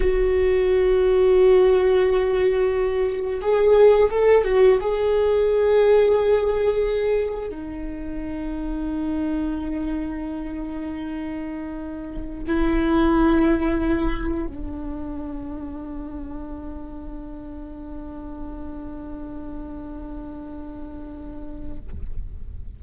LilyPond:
\new Staff \with { instrumentName = "viola" } { \time 4/4 \tempo 4 = 88 fis'1~ | fis'4 gis'4 a'8 fis'8 gis'4~ | gis'2. dis'4~ | dis'1~ |
dis'2~ dis'16 e'4.~ e'16~ | e'4~ e'16 d'2~ d'8.~ | d'1~ | d'1 | }